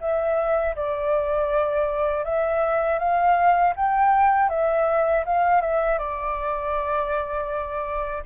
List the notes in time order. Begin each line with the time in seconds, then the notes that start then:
0.00 E5
0.75 D5
2.24 E5
2.98 F5
3.76 G5
4.49 E5
5.25 F5
5.61 E5
5.98 D5